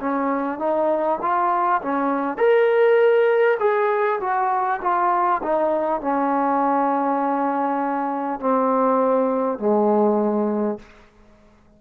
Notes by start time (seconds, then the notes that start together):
0.00 C#4
0.59 D#4
1.22 F4
1.82 C#4
2.38 A#4
3.59 G#4
4.21 F#4
4.82 F4
5.43 D#4
6.01 C#4
8.41 C4
9.59 G#3